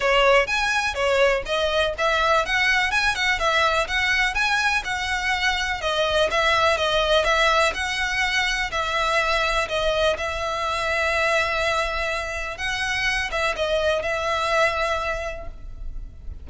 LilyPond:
\new Staff \with { instrumentName = "violin" } { \time 4/4 \tempo 4 = 124 cis''4 gis''4 cis''4 dis''4 | e''4 fis''4 gis''8 fis''8 e''4 | fis''4 gis''4 fis''2 | dis''4 e''4 dis''4 e''4 |
fis''2 e''2 | dis''4 e''2.~ | e''2 fis''4. e''8 | dis''4 e''2. | }